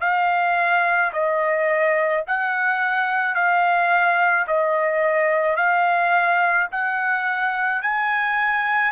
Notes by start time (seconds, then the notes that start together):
0.00 F5
1.13 D#5
2.27 F#5
3.34 F5
4.46 D#5
5.56 F5
6.71 F#5
7.82 G#5